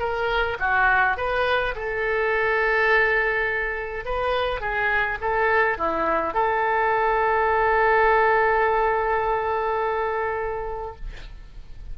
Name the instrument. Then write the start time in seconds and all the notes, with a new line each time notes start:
oboe
0.00 A#4
0.60 F#4
1.17 B4
1.76 A4
4.06 B4
4.61 G#4
5.21 A4
5.78 E4
6.34 A4